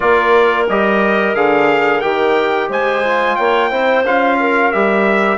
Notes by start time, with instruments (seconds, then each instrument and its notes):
0.00 bassoon A#3, trombone F4, clarinet A#4, trumpet D5
0.68 bassoon G3, trombone G4, trumpet D#5
1.34 bassoon D3, trombone G#4, trumpet F5
2.01 bassoon D#3, trombone G4, trumpet G5
2.69 bassoon G#3, clarinet C5, trumpet G#5
3.04 trombone F4
3.36 bassoon A#3, clarinet C#5, trumpet G5
3.69 bassoon C4, trombone E4, clarinet C5
4.04 bassoon C#4, trombone F4, trumpet F5
4.39 clarinet A#4
4.71 bassoon G3, trombone G4, trumpet E5